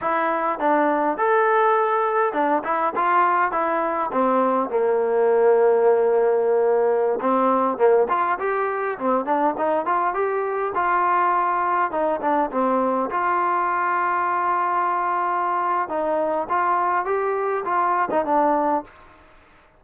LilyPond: \new Staff \with { instrumentName = "trombone" } { \time 4/4 \tempo 4 = 102 e'4 d'4 a'2 | d'8 e'8 f'4 e'4 c'4 | ais1~ | ais16 c'4 ais8 f'8 g'4 c'8 d'16~ |
d'16 dis'8 f'8 g'4 f'4.~ f'16~ | f'16 dis'8 d'8 c'4 f'4.~ f'16~ | f'2. dis'4 | f'4 g'4 f'8. dis'16 d'4 | }